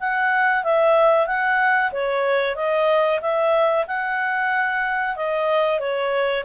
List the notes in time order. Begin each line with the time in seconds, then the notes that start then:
0.00 F#5
0.64 E5
1.27 F#5
1.92 C#5
2.55 D#5
3.21 E5
3.87 F#5
5.16 D#5
5.79 C#5